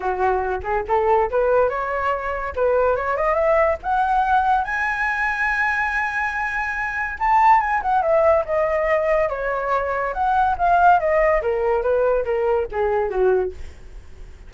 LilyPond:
\new Staff \with { instrumentName = "flute" } { \time 4/4 \tempo 4 = 142 fis'4. gis'8 a'4 b'4 | cis''2 b'4 cis''8 dis''8 | e''4 fis''2 gis''4~ | gis''1~ |
gis''4 a''4 gis''8 fis''8 e''4 | dis''2 cis''2 | fis''4 f''4 dis''4 ais'4 | b'4 ais'4 gis'4 fis'4 | }